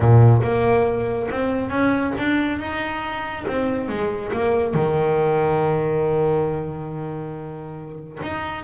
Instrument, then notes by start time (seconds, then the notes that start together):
double bass
0.00 A#2
0.42 A#3
1.30 C4
1.70 C#4
2.17 D4
2.59 D#4
3.47 C4
3.88 G#3
4.32 A#3
4.73 D#3
8.22 D#4